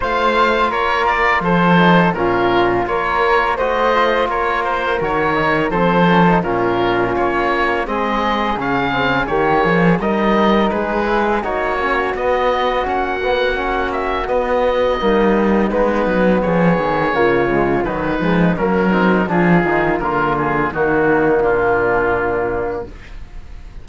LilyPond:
<<
  \new Staff \with { instrumentName = "oboe" } { \time 4/4 \tempo 4 = 84 f''4 cis''8 d''8 c''4 ais'4 | cis''4 dis''4 cis''8 c''8 cis''4 | c''4 ais'4 cis''4 dis''4 | f''4 cis''4 dis''4 b'4 |
cis''4 dis''4 fis''4. e''8 | dis''2 b'4 cis''4~ | cis''4 b'4 ais'4 gis'4 | ais'8 gis'8 fis'4 f'2 | }
  \new Staff \with { instrumentName = "flute" } { \time 4/4 c''4 ais'4 a'4 f'4 | ais'4 c''4 ais'2 | a'4 f'2 gis'4~ | gis'4 g'8 gis'8 ais'4 gis'4 |
fis'1~ | fis'4 dis'2 gis'4 | f'4 dis'4 cis'8 dis'8 f'4 | ais4 dis'4 d'2 | }
  \new Staff \with { instrumentName = "trombone" } { \time 4/4 f'2~ f'8 dis'8 cis'4 | f'4 fis'8 f'4. fis'8 dis'8 | c'8 cis'16 dis'16 cis'2 c'4 | cis'8 c'8 ais4 dis'4. e'8 |
dis'8 cis'8 b4 cis'8 b8 cis'4 | b4 ais4 b2 | ais8 gis8 fis8 gis8 ais8 c'8 d'8 dis'8 | f'4 ais2. | }
  \new Staff \with { instrumentName = "cello" } { \time 4/4 a4 ais4 f4 ais,4 | ais4 a4 ais4 dis4 | f4 ais,4 ais4 gis4 | cis4 dis8 f8 g4 gis4 |
ais4 b4 ais2 | b4 g4 gis8 fis8 f8 dis8 | cis4 dis8 f8 fis4 f8 dis8 | d4 dis4 ais,2 | }
>>